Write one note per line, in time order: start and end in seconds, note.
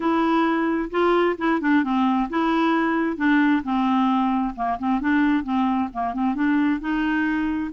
0.00 0.89 E4
0.90 1.36 F4
1.38 1.61 E4
1.61 1.83 D4
1.83 2.29 C4
2.29 3.16 E4
3.16 3.62 D4
3.63 4.54 C4
4.55 4.78 A#3
4.78 5.00 C4
5.00 5.43 D4
5.43 5.89 C4
5.93 6.13 A#3
6.13 6.34 C4
6.34 6.80 D4
6.80 7.71 D#4